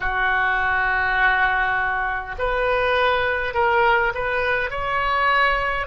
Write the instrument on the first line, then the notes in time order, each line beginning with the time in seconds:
oboe
0.00 F#4
2.38 B4
3.53 A#4
4.14 B4
4.70 C#5